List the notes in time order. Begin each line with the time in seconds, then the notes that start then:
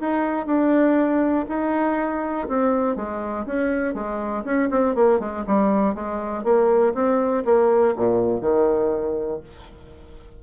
0.00 D#4
0.46 D4
1.48 D#4
2.48 C4
2.96 G#3
3.46 C#4
3.94 G#3
4.44 C#4
4.70 C4
4.95 A#3
5.19 G#3
5.47 G3
5.94 G#3
6.43 A#3
6.94 C4
7.45 A#3
7.96 A#2
8.41 D#3